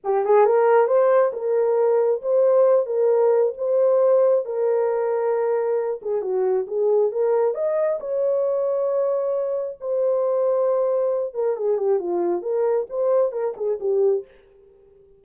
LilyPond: \new Staff \with { instrumentName = "horn" } { \time 4/4 \tempo 4 = 135 g'8 gis'8 ais'4 c''4 ais'4~ | ais'4 c''4. ais'4. | c''2 ais'2~ | ais'4. gis'8 fis'4 gis'4 |
ais'4 dis''4 cis''2~ | cis''2 c''2~ | c''4. ais'8 gis'8 g'8 f'4 | ais'4 c''4 ais'8 gis'8 g'4 | }